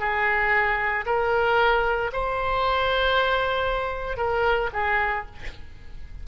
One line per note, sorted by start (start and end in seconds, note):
0.00 1.05 G#4
1.06 2.11 A#4
2.13 4.18 C5
4.18 4.70 A#4
4.74 5.26 G#4